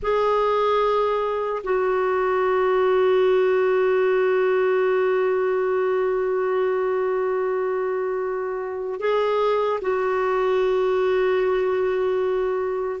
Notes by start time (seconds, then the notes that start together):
0.02 G#4
1.63 F#4
9.00 G#4
9.81 F#4